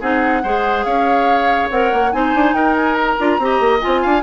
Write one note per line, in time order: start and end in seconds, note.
0.00 0.43 C4
0.00 0.43 D#4
0.00 0.42 G#4
0.00 0.84 F#5
0.43 0.85 G#3
0.43 1.71 G#4
0.43 0.85 C5
0.84 1.70 C#4
0.84 2.12 C#5
0.84 1.68 F5
1.71 1.92 C4
1.71 2.12 A#4
1.71 2.12 F#5
1.93 2.13 A#3
2.12 2.34 C4
2.12 3.18 D#4
2.12 2.55 C5
2.12 2.54 G#5
2.34 2.53 D4
2.53 3.16 D#4
2.53 3.40 A#4
2.53 2.75 G5
2.76 2.94 G#5
2.94 3.79 A#5
3.18 3.38 D4
3.18 3.40 F4
3.38 3.60 C4
3.38 3.80 G4
3.38 4.02 D#5
3.60 3.81 A#3
3.80 4.05 C4
3.80 4.23 F4
3.80 4.23 G#5
4.02 4.23 D4
4.02 4.23 F5